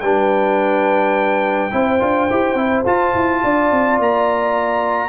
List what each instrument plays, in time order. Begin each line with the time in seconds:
0.00 tuba G3, trombone D4, horn B4, trumpet G5
1.70 tuba C4, trombone E4, horn C5
1.99 tuba D4, trombone F4
2.30 tuba E4, trombone G4
2.54 tuba C4, trombone E4
2.85 tuba F4, trombone F4, trumpet A5
3.14 tuba E4
3.43 tuba D4, horn D5
3.71 tuba C4
3.98 tuba A#3, trumpet A#5